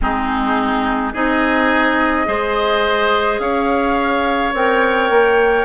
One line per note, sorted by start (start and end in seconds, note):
0.01 1.14 G#3
0.01 1.14 C4
0.01 1.13 D#4
0.01 1.13 G#4
1.13 2.27 C4
1.13 2.25 D#4
1.13 2.26 G#4
1.13 3.40 D#5
2.25 3.39 G#3
2.25 4.51 G#4
2.25 3.41 C5
3.39 4.52 C#4
3.39 5.64 C#5
3.39 4.53 F5
4.53 5.09 C4
4.53 5.64 A#4
4.53 5.64 G5
5.09 5.64 A#3